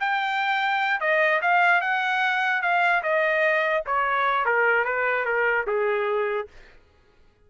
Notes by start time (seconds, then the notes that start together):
0.00 G5
1.00 D#5
1.42 F5
1.81 F#5
2.62 F5
3.03 D#5
3.86 C#5
4.45 A#4
4.85 B4
5.25 A#4
5.66 G#4